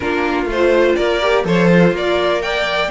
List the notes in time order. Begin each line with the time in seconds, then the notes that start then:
0.00 A#3 D4 F4 A#4
0.45 A3 F4 C5
0.96 A#3 A#4 D5
1.21 G4
1.44 F3 A4 C5 C#5
1.69 F4
1.91 A#3 A#4 D5
2.42 D5 G5